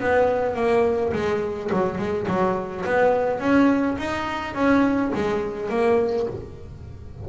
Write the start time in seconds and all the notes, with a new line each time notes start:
0.00 B3
0.56 A#3
1.14 G#3
1.72 F#3
1.99 G#3
2.28 F#3
2.85 B3
3.40 C#4
3.98 D#4
4.55 C#4
5.15 G#3
5.70 A#3